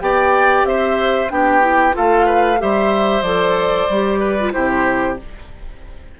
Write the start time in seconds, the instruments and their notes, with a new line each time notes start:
0.00 bassoon B3, clarinet G4, oboe D5, flute G5
0.63 bassoon C4, oboe C5, flute E5
1.28 bassoon B3, clarinet D4, oboe G4, flute G5
1.60 clarinet E4
1.92 bassoon A3, clarinet F4, oboe A4, flute F5
2.25 oboe B4
2.58 bassoon G3, clarinet G4, oboe C5, flute E5
3.22 bassoon F3, clarinet A4, flute D5
3.89 bassoon G3, clarinet G4
4.19 oboe B4
4.39 clarinet F4
4.52 bassoon C3, clarinet E4, oboe G4, flute C5